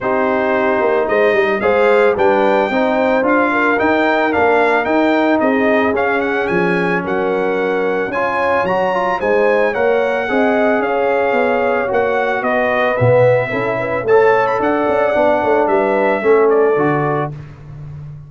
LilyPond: <<
  \new Staff \with { instrumentName = "trumpet" } { \time 4/4 \tempo 4 = 111 c''2 dis''4 f''4 | g''2 f''4 g''4 | f''4 g''4 dis''4 f''8 fis''8 | gis''4 fis''2 gis''4 |
ais''4 gis''4 fis''2 | f''2 fis''4 dis''4 | e''2 a''8. b''16 fis''4~ | fis''4 e''4. d''4. | }
  \new Staff \with { instrumentName = "horn" } { \time 4/4 g'2 c''8 dis''8 c''4 | b'4 c''4. ais'4.~ | ais'2 gis'2~ | gis'4 ais'2 cis''4~ |
cis''4 c''4 cis''4 dis''4 | cis''2. b'4~ | b'4 a'8 b'8 cis''4 d''4~ | d''8 cis''8 b'4 a'2 | }
  \new Staff \with { instrumentName = "trombone" } { \time 4/4 dis'2. gis'4 | d'4 dis'4 f'4 dis'4 | d'4 dis'2 cis'4~ | cis'2. f'4 |
fis'8 f'8 dis'4 ais'4 gis'4~ | gis'2 fis'2 | b4 e'4 a'2 | d'2 cis'4 fis'4 | }
  \new Staff \with { instrumentName = "tuba" } { \time 4/4 c'4. ais8 gis8 g8 gis4 | g4 c'4 d'4 dis'4 | ais4 dis'4 c'4 cis'4 | f4 fis2 cis'4 |
fis4 gis4 ais4 c'4 | cis'4 b4 ais4 b4 | b,4 cis'4 a4 d'8 cis'8 | b8 a8 g4 a4 d4 | }
>>